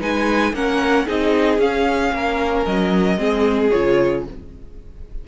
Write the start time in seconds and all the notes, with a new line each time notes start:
0.00 G#3 D#4 B4 G#5
0.53 A#3 C#4 A#4 F#5
1.07 C4 D#4 G#4 D#5
1.59 C#4 F5
2.13 A#3 A#4
2.65 F#3 D#5
3.18 G#3 C4 G#4
3.71 C#3 F4 C#5